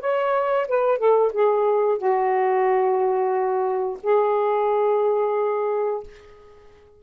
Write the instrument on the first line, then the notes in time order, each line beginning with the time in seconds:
saxophone
0.00 C#5
0.68 B4
0.98 A4
1.32 G#4
1.98 F#4
4.03 G#4